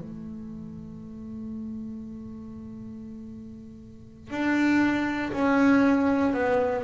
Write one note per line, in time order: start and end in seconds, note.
0.00 4.30 A3
4.30 5.32 D4
5.33 6.34 C#4
6.34 6.84 B3